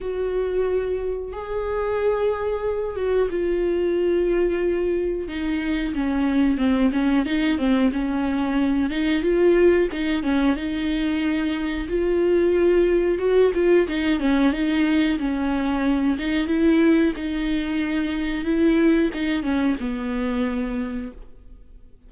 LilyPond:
\new Staff \with { instrumentName = "viola" } { \time 4/4 \tempo 4 = 91 fis'2 gis'2~ | gis'8 fis'8 f'2. | dis'4 cis'4 c'8 cis'8 dis'8 c'8 | cis'4. dis'8 f'4 dis'8 cis'8 |
dis'2 f'2 | fis'8 f'8 dis'8 cis'8 dis'4 cis'4~ | cis'8 dis'8 e'4 dis'2 | e'4 dis'8 cis'8 b2 | }